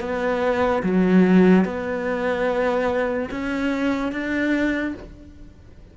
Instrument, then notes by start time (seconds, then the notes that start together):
cello
0.00 B3
0.83 F#3
1.64 B3
3.31 C#4
4.12 D4